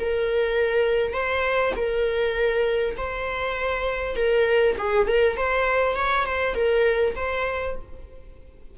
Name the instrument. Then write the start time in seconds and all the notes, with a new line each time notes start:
viola
0.00 A#4
1.14 C5
1.76 A#4
2.98 C5
4.16 A#4
4.78 G#4
5.08 A#4
5.37 C5
5.96 C#5
6.26 C5
6.55 A#4
7.16 C5